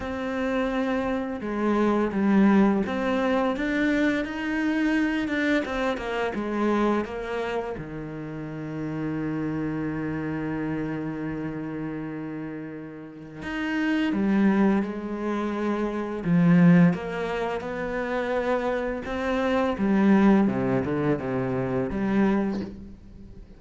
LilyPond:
\new Staff \with { instrumentName = "cello" } { \time 4/4 \tempo 4 = 85 c'2 gis4 g4 | c'4 d'4 dis'4. d'8 | c'8 ais8 gis4 ais4 dis4~ | dis1~ |
dis2. dis'4 | g4 gis2 f4 | ais4 b2 c'4 | g4 c8 d8 c4 g4 | }